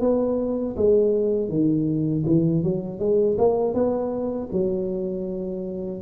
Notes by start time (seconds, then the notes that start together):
0.00 B3
0.76 G#3
1.49 D#3
2.26 E3
2.62 F#3
2.99 G#3
3.38 A#3
3.74 B3
4.52 F#3